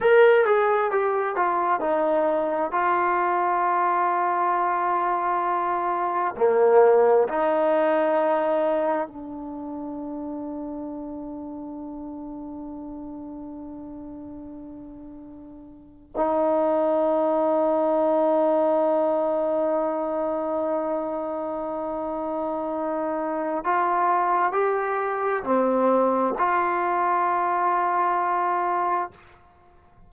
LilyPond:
\new Staff \with { instrumentName = "trombone" } { \time 4/4 \tempo 4 = 66 ais'8 gis'8 g'8 f'8 dis'4 f'4~ | f'2. ais4 | dis'2 d'2~ | d'1~ |
d'4.~ d'16 dis'2~ dis'16~ | dis'1~ | dis'2 f'4 g'4 | c'4 f'2. | }